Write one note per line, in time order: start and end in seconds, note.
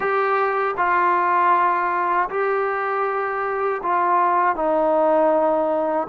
0.00 0.74 G4
0.77 2.29 F4
2.29 3.81 G4
3.82 4.55 F4
4.55 6.07 D#4